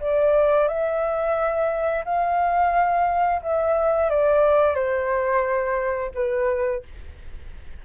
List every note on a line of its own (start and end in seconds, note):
0.00 0.68 D5
0.68 2.05 E5
2.05 3.42 F5
3.42 4.10 E5
4.10 4.75 D5
4.75 6.11 C5
6.15 6.83 B4